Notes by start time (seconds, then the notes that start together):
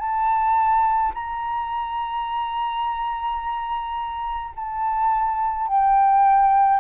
0.00 A5
1.15 A#5
4.56 A5
5.68 G5